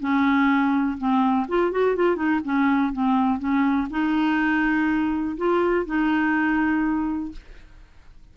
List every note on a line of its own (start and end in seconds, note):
0.00 0.98 C#4
0.98 1.47 C4
1.48 1.71 F4
1.71 1.96 F#4
1.96 2.16 F4
2.16 2.40 D#4
2.44 2.93 C#4
2.93 3.39 C4
3.39 3.88 C#4
3.90 5.37 D#4
5.37 5.86 F4
5.86 7.32 D#4